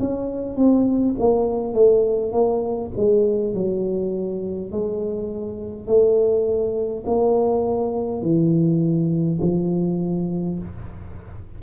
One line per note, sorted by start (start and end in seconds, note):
0.00 0.56 C#4
0.56 1.15 C4
1.19 1.74 A#3
1.74 2.33 A3
2.33 2.91 A#3
2.97 3.54 G#3
3.54 4.72 F#3
4.72 5.87 G#3
5.87 7.05 A3
7.06 8.22 A#3
8.22 9.40 E3
9.42 10.59 F3